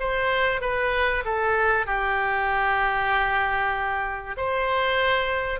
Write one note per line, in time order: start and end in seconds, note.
0.00 0.61 C5
0.61 1.24 B4
1.25 1.86 A4
1.86 4.36 G4
4.37 5.60 C5